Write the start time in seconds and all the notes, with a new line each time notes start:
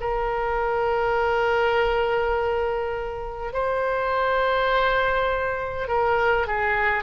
0.00 A#4
3.53 C5
5.88 A#4
6.47 G#4